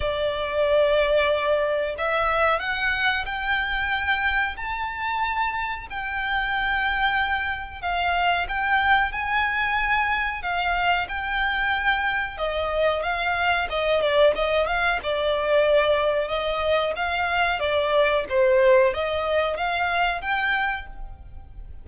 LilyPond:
\new Staff \with { instrumentName = "violin" } { \time 4/4 \tempo 4 = 92 d''2. e''4 | fis''4 g''2 a''4~ | a''4 g''2. | f''4 g''4 gis''2 |
f''4 g''2 dis''4 | f''4 dis''8 d''8 dis''8 f''8 d''4~ | d''4 dis''4 f''4 d''4 | c''4 dis''4 f''4 g''4 | }